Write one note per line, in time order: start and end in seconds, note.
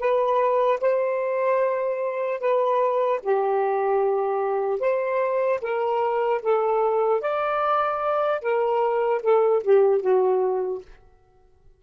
0.00 0.80 B4
0.81 2.40 C5
2.40 3.20 B4
3.23 4.80 G4
4.80 5.60 C5
5.62 6.42 A#4
6.43 7.21 A4
7.21 8.41 D5
8.42 9.22 A#4
9.23 9.63 A4
9.64 10.02 G4
10.02 10.82 F#4